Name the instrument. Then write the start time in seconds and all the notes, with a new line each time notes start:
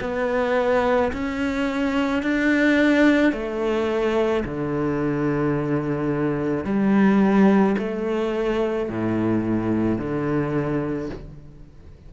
cello
0.00 B3
1.12 C#4
2.22 D4
3.32 A3
4.44 D3
6.64 G3
7.78 A3
8.89 A2
9.98 D3